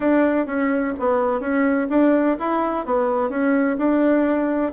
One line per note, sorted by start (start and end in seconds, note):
0.00 0.46 D4
0.46 0.93 C#4
0.99 1.40 B3
1.40 1.87 C#4
1.89 2.37 D4
2.39 2.85 E4
2.85 3.29 B3
3.29 3.76 C#4
3.78 4.72 D4